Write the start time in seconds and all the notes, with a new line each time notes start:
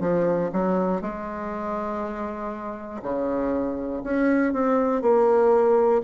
0.00 F3
0.52 F#3
1.01 G#3
3.02 C#3
4.04 C#4
4.53 C4
5.01 A#3